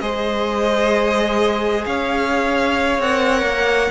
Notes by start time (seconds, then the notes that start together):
0.00 G#3 G#4 C5 D#5
1.86 C#4 C#5 F5
2.99 C4 A#4 F#5
3.42 A#3